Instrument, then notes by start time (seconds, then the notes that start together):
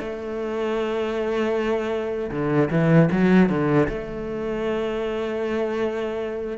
cello
0.00 A3
2.31 D3
2.71 E3
3.12 F#3
3.50 D3
3.89 A3